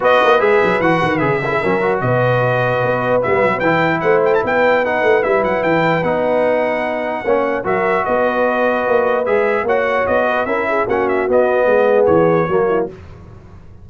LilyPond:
<<
  \new Staff \with { instrumentName = "trumpet" } { \time 4/4 \tempo 4 = 149 dis''4 e''4 fis''4 e''4~ | e''4 dis''2. | e''4 g''4 fis''8 g''16 a''16 g''4 | fis''4 e''8 fis''8 g''4 fis''4~ |
fis''2. e''4 | dis''2. e''4 | fis''4 dis''4 e''4 fis''8 e''8 | dis''2 cis''2 | }
  \new Staff \with { instrumentName = "horn" } { \time 4/4 b'2.~ b'8 ais'16 gis'16 | ais'4 b'2.~ | b'2 c''4 b'4~ | b'1~ |
b'2 cis''4 ais'4 | b'1 | cis''4. b'8 ais'8 gis'8 fis'4~ | fis'4 gis'2 fis'8 e'8 | }
  \new Staff \with { instrumentName = "trombone" } { \time 4/4 fis'4 gis'4 fis'4 gis'8 e'8 | cis'8 fis'2.~ fis'8 | b4 e'2. | dis'4 e'2 dis'4~ |
dis'2 cis'4 fis'4~ | fis'2. gis'4 | fis'2 e'4 cis'4 | b2. ais4 | }
  \new Staff \with { instrumentName = "tuba" } { \time 4/4 b8 ais8 gis8 fis8 e8 dis8 cis4 | fis4 b,2 b4 | g8 fis8 e4 a4 b4~ | b8 a8 g8 fis8 e4 b4~ |
b2 ais4 fis4 | b2 ais4 gis4 | ais4 b4 cis'4 ais4 | b4 gis4 e4 fis4 | }
>>